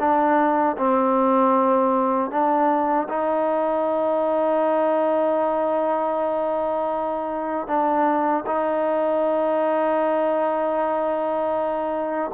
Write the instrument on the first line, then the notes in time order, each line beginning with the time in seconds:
trombone
0.00 D4
0.78 C4
2.31 D4
3.09 D#4
7.67 D4
8.47 D#4